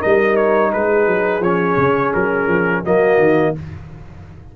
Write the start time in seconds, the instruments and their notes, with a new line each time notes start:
0.00 tuba G3, trombone D#4, horn A#4, trumpet D#5
0.36 trumpet C#5
0.73 tuba G#3, horn G#4, trumpet B4
1.07 tuba F#3
1.40 tuba F3, trombone C#4, trumpet C#5
1.77 tuba C#3
2.14 tuba F#3, trumpet A#4
2.48 tuba F3
2.84 tuba F#3, trombone A#3, horn F#4, trumpet D#5
3.18 tuba D#3